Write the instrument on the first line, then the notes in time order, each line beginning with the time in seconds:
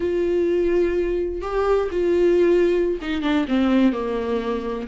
viola
0.00 F4
1.41 G4
1.91 F4
3.01 D#4
3.22 D4
3.47 C4
3.92 A#3